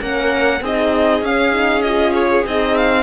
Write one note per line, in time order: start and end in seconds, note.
0.00 0.61 A#3
0.00 0.61 C#4
0.00 0.62 A#4
0.00 0.63 F#5
0.61 1.21 C4
0.61 1.23 D#4
0.61 3.03 G#4
0.61 1.24 D#5
1.21 2.43 C#4
1.21 1.52 C#4
1.21 1.82 F5
1.52 1.82 D#4
1.82 2.45 F4
1.82 2.12 D#5
2.14 2.45 C#5
2.45 3.03 C4
2.45 3.03 D#4
2.45 2.77 D#5
2.77 3.03 F5